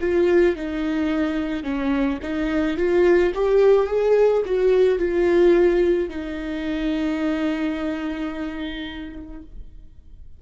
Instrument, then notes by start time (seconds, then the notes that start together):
viola
0.00 F4
0.56 D#4
1.63 C#4
2.22 D#4
2.77 F4
3.34 G4
3.87 G#4
4.45 F#4
4.98 F4
6.09 D#4